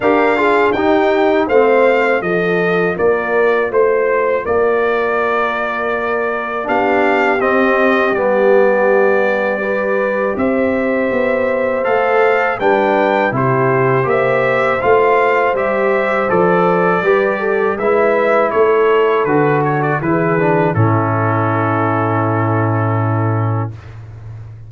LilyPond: <<
  \new Staff \with { instrumentName = "trumpet" } { \time 4/4 \tempo 4 = 81 f''4 g''4 f''4 dis''4 | d''4 c''4 d''2~ | d''4 f''4 dis''4 d''4~ | d''2 e''2 |
f''4 g''4 c''4 e''4 | f''4 e''4 d''2 | e''4 cis''4 b'8 cis''16 d''16 b'4 | a'1 | }
  \new Staff \with { instrumentName = "horn" } { \time 4/4 ais'8 gis'8 g'4 c''4 a'4 | ais'4 c''4 ais'2~ | ais'4 g'2.~ | g'4 b'4 c''2~ |
c''4 b'4 g'4 c''4~ | c''2. b'8 a'8 | b'4 a'2 gis'4 | e'1 | }
  \new Staff \with { instrumentName = "trombone" } { \time 4/4 g'8 f'8 dis'4 c'4 f'4~ | f'1~ | f'4 d'4 c'4 b4~ | b4 g'2. |
a'4 d'4 e'4 g'4 | f'4 g'4 a'4 g'4 | e'2 fis'4 e'8 d'8 | cis'1 | }
  \new Staff \with { instrumentName = "tuba" } { \time 4/4 d'4 dis'4 a4 f4 | ais4 a4 ais2~ | ais4 b4 c'4 g4~ | g2 c'4 b4 |
a4 g4 c4 ais4 | a4 g4 f4 g4 | gis4 a4 d4 e4 | a,1 | }
>>